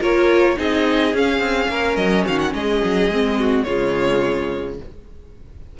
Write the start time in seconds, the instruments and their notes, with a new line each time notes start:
0.00 cello A#3, viola F4, violin A#4 C#5
0.56 cello C4, viola D#4, violin G#4 D#5
1.14 cello C#4, viola C#4, violin F5
1.40 cello C4
1.69 cello A#3, violin A#4
1.96 cello F#3, violin D#5
2.25 cello D#3, violin F#4 F5
2.39 violin F#5
2.54 cello G#3, violin G#4 D#5
2.85 cello F#3
3.08 cello G#3, viola C4
3.40 violin F#4
3.63 cello C#3, viola G#3, violin F4 C#5